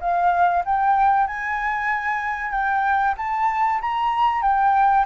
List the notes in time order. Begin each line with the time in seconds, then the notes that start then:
0.00 F5
0.65 G5
1.27 G#5
2.51 G5
3.17 A5
3.81 A#5
4.42 G5